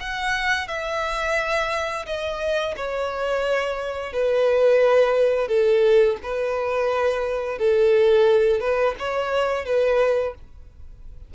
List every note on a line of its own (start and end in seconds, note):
0.00 0.68 F#5
0.68 2.06 E5
2.06 2.75 D#5
2.77 4.13 C#5
4.13 5.48 B4
5.48 6.17 A4
6.23 7.59 B4
7.59 8.61 A4
8.61 8.95 B4
8.99 9.66 C#5
9.66 10.34 B4